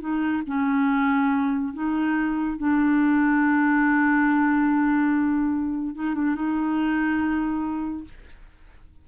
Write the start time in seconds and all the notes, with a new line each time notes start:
0.00 D#4
0.46 C#4
1.73 D#4
2.58 D4
5.95 D#4
6.14 D4
6.35 D#4